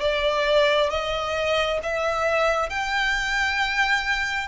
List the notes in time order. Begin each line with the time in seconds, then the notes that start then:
0.00 D5
0.90 D#5
1.82 E5
2.69 G5